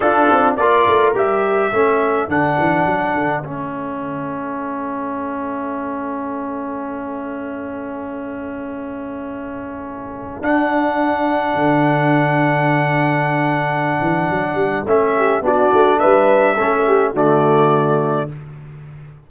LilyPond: <<
  \new Staff \with { instrumentName = "trumpet" } { \time 4/4 \tempo 4 = 105 a'4 d''4 e''2 | fis''2 e''2~ | e''1~ | e''1~ |
e''2~ e''16 fis''4.~ fis''16~ | fis''1~ | fis''2 e''4 d''4 | e''2 d''2 | }
  \new Staff \with { instrumentName = "horn" } { \time 4/4 f'4 ais'2 a'4~ | a'1~ | a'1~ | a'1~ |
a'1~ | a'1~ | a'2~ a'8 g'8 fis'4 | b'4 a'8 g'8 fis'2 | }
  \new Staff \with { instrumentName = "trombone" } { \time 4/4 d'4 f'4 g'4 cis'4 | d'2 cis'2~ | cis'1~ | cis'1~ |
cis'2~ cis'16 d'4.~ d'16~ | d'1~ | d'2 cis'4 d'4~ | d'4 cis'4 a2 | }
  \new Staff \with { instrumentName = "tuba" } { \time 4/4 d'8 c'8 ais8 a8 g4 a4 | d8 e8 fis8 d8 a2~ | a1~ | a1~ |
a2~ a16 d'4.~ d'16~ | d'16 d2.~ d8.~ | d8 e8 fis8 g8 a4 b8 a8 | g4 a4 d2 | }
>>